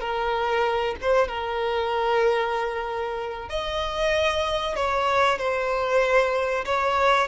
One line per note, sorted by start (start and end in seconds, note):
0.00 0.95 A#4
1.01 1.28 C5
1.28 3.49 A#4
3.49 4.75 D#5
4.75 5.38 C#5
5.38 6.64 C5
6.65 7.28 C#5